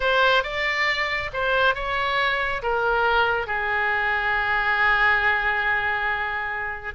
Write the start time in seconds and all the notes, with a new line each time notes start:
0.00 C5
0.43 D5
1.33 C5
1.75 C#5
2.62 A#4
3.46 G#4